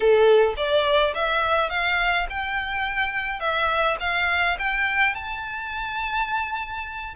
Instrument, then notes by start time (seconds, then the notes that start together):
violin
0.00 A4
0.57 D5
1.14 E5
1.69 F5
2.29 G5
3.39 E5
4.00 F5
4.58 G5
5.15 A5